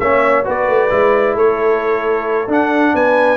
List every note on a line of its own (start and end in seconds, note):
0.00 0.46 A#3
0.00 0.45 C#4
0.00 0.46 C#5
0.00 0.45 E5
0.45 0.68 B3
0.45 0.90 F#4
0.45 1.35 B4
0.45 1.37 D5
0.68 0.90 A3
0.90 1.36 G#3
0.90 2.48 E4
1.35 2.48 A3
1.35 2.93 A4
1.35 2.50 C#5
2.48 2.93 D4
2.48 3.37 D4
2.48 2.96 F#5
2.95 3.37 B3
2.95 3.37 B4
2.95 3.37 G#5